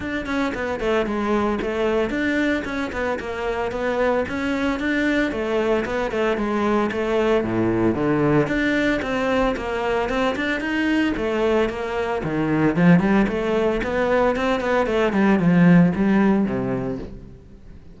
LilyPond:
\new Staff \with { instrumentName = "cello" } { \time 4/4 \tempo 4 = 113 d'8 cis'8 b8 a8 gis4 a4 | d'4 cis'8 b8 ais4 b4 | cis'4 d'4 a4 b8 a8 | gis4 a4 a,4 d4 |
d'4 c'4 ais4 c'8 d'8 | dis'4 a4 ais4 dis4 | f8 g8 a4 b4 c'8 b8 | a8 g8 f4 g4 c4 | }